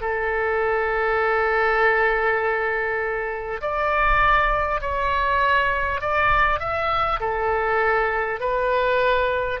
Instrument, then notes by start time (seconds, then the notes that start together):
oboe
0.00 A4
3.61 D5
4.80 C#5
6.00 D5
6.59 E5
7.19 A4
8.40 B4